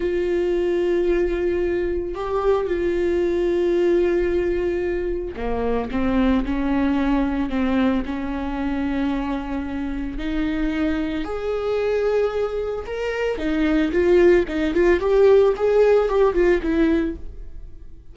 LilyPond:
\new Staff \with { instrumentName = "viola" } { \time 4/4 \tempo 4 = 112 f'1 | g'4 f'2.~ | f'2 ais4 c'4 | cis'2 c'4 cis'4~ |
cis'2. dis'4~ | dis'4 gis'2. | ais'4 dis'4 f'4 dis'8 f'8 | g'4 gis'4 g'8 f'8 e'4 | }